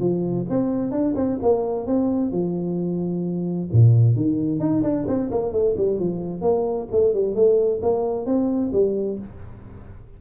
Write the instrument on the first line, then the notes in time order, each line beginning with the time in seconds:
tuba
0.00 F3
0.50 C4
0.91 D4
1.16 C4
1.42 A#3
1.87 C4
2.32 F3
3.72 A#2
4.16 D#3
4.60 D#4
4.83 D4
5.07 C4
5.31 A#3
5.52 A3
5.77 G3
6.00 F3
6.42 A#3
6.92 A3
7.14 G3
7.35 A3
7.82 A#3
8.26 C4
8.73 G3